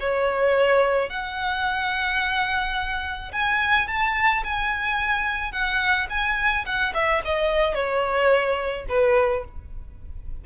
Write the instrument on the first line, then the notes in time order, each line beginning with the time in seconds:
violin
0.00 C#5
1.10 F#5
3.32 G#5
3.87 A5
4.44 G#5
5.52 F#5
6.09 G#5
6.66 F#5
6.94 E5
7.25 D#5
7.74 C#5
8.89 B4